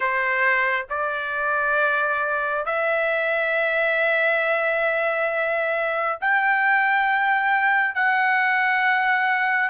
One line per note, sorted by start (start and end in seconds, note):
0.00 0.85 C5
0.89 2.65 D5
2.65 6.18 E5
6.20 7.95 G5
7.95 9.69 F#5